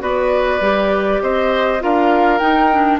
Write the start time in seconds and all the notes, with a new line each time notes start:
0.00 B3 F#4 B4 D5
0.60 G3 G4
1.22 C4 C5 D#5
1.80 D4 F4 A#4 F5
2.39 D#4 G5
2.72 D4